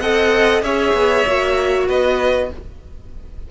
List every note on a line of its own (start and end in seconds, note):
0.00 0.62 C4
0.00 0.63 A4
0.00 0.64 D#5
0.00 0.62 F#5
0.62 0.93 C#4
0.62 1.25 G#4
0.62 1.88 C#5
0.62 1.87 E5
0.93 1.24 B3
1.26 1.88 A#3
1.26 2.50 F#4
1.88 2.50 B3
1.88 2.50 B4
1.88 2.51 D#5